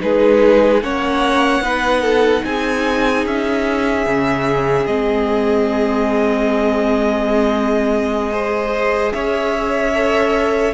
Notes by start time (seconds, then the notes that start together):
0.00 G#3 D#4 G#4 B4
0.83 A#3 C#4 C#5 F#5
1.61 B3 D#4 B4
2.02 A4
2.45 C4 G#4 G#5
3.26 C#4 E5
4.07 C#3 C#4
4.87 G#3 C4 D#5
8.31 G#4 C5
9.13 C#4 C#5 E5
9.95 A4